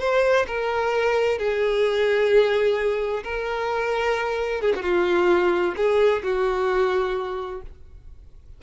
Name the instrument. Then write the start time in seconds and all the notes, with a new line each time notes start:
violin
0.00 C5
0.47 A#4
1.38 G#4
3.24 A#4
4.61 G#4
4.76 F#4
4.83 F4
5.77 G#4
6.23 F#4